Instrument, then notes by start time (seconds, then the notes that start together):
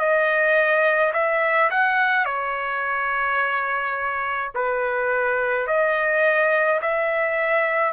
trumpet
0.00 D#5
1.14 E5
1.71 F#5
2.26 C#5
4.55 B4
5.68 D#5
6.82 E5